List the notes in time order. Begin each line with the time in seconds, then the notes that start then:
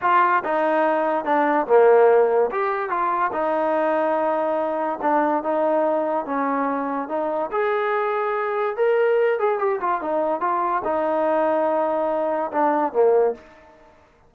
0.01 F4
0.44 D#4
1.24 D4
1.66 A#3
2.51 G4
2.89 F4
3.32 D#4
5.01 D4
5.43 D#4
6.25 C#4
7.08 D#4
7.51 G#4
8.76 A#4
9.39 G#4
9.58 G4
9.80 F4
10.01 D#4
10.40 F4
10.84 D#4
12.51 D4
12.92 A#3